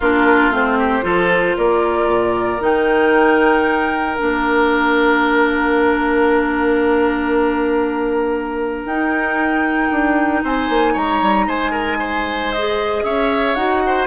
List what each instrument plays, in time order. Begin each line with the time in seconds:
0.00 bassoon A#3, clarinet D4, oboe F4, flute A#4
0.49 bassoon A3, clarinet C4, flute C5
0.78 oboe G4
1.02 bassoon F3, clarinet F4, oboe A4
1.57 bassoon A#3, oboe A#4, flute D5
2.06 bassoon A#2
2.60 bassoon D#3, clarinet D#4, flute G5
4.17 bassoon A#3, clarinet D4, flute F5
8.85 bassoon D#4, clarinet D#4, flute G5
9.90 bassoon D4
10.43 bassoon C4, oboe C5, flute G#5
10.69 bassoon A#3
10.93 bassoon G#3, oboe C#5, flute A#5
11.21 bassoon G3
11.47 bassoon G#3, oboe C5, flute G#5
11.71 oboe A#4
11.99 oboe C5
12.52 clarinet G#4, flute D#5
13.03 bassoon C#4, oboe C#5, flute E5
13.54 bassoon D#4, clarinet F#4, flute F#5
13.86 oboe C5